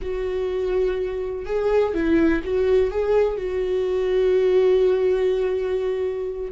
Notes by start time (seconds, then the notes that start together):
0.01 F#4
1.45 G#4
1.94 E4
2.43 F#4
2.91 G#4
3.37 F#4